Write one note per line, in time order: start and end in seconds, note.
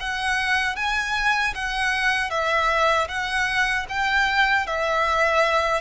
0.00 0.76 F#5
0.76 1.54 G#5
1.55 2.30 F#5
2.30 3.08 E5
3.08 3.86 F#5
3.89 4.67 G5
4.67 5.81 E5